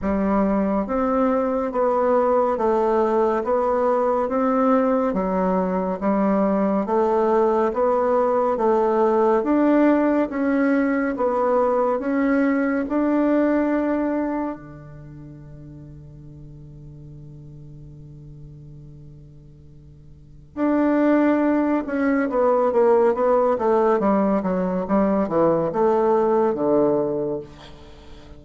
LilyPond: \new Staff \with { instrumentName = "bassoon" } { \time 4/4 \tempo 4 = 70 g4 c'4 b4 a4 | b4 c'4 fis4 g4 | a4 b4 a4 d'4 | cis'4 b4 cis'4 d'4~ |
d'4 d2.~ | d1 | d'4. cis'8 b8 ais8 b8 a8 | g8 fis8 g8 e8 a4 d4 | }